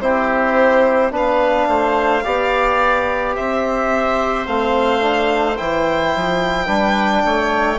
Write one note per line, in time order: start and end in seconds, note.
0.00 1.11 C4
0.00 1.11 E4
0.00 1.12 G4
0.00 1.12 C5
1.11 1.66 B3
1.11 2.22 D4
1.11 1.68 B4
1.11 3.36 F5
1.68 2.23 A3
1.68 2.24 C5
2.23 3.36 B3
2.23 4.46 G4
2.23 3.35 D5
3.35 4.47 C4
3.35 6.66 C5
3.35 4.46 E5
4.46 5.58 A3
4.46 5.00 C4
4.46 5.57 F5
5.00 5.56 D4
5.57 6.15 E3
5.57 6.66 E4
5.57 7.78 G5
6.15 6.67 F3
6.66 7.22 G3
6.66 7.77 D4
6.66 7.21 B4
7.25 7.78 A3
7.25 7.78 C#5